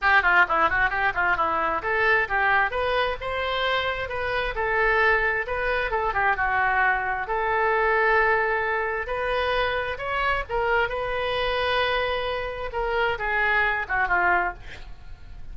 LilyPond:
\new Staff \with { instrumentName = "oboe" } { \time 4/4 \tempo 4 = 132 g'8 f'8 e'8 fis'8 g'8 f'8 e'4 | a'4 g'4 b'4 c''4~ | c''4 b'4 a'2 | b'4 a'8 g'8 fis'2 |
a'1 | b'2 cis''4 ais'4 | b'1 | ais'4 gis'4. fis'8 f'4 | }